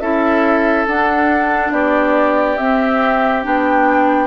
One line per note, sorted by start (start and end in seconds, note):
0.00 0.86 C#4
0.00 0.87 E4
0.00 1.72 A4
0.00 0.86 E5
0.86 1.71 D4
0.86 2.58 D4
0.86 1.72 F#5
1.71 2.57 B3
1.71 4.26 G4
1.71 2.57 D5
2.57 3.43 C4
2.57 3.45 C4
2.57 3.43 E5
3.43 4.26 B3
3.43 4.26 D4
3.43 4.26 G5